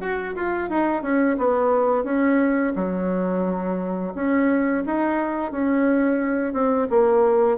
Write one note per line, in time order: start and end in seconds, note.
0.00 0.34 F#4
0.35 0.69 F4
0.69 1.02 D#4
1.02 1.36 C#4
1.38 2.04 B3
2.04 2.73 C#4
2.76 4.13 F#3
4.14 4.83 C#4
4.86 5.51 D#4
5.51 6.53 C#4
6.53 6.87 C4
6.90 7.57 A#3